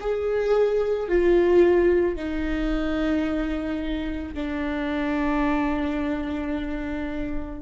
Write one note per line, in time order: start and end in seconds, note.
0.00 1.08 G#4
1.08 2.16 F4
2.16 4.34 D#4
4.34 7.61 D4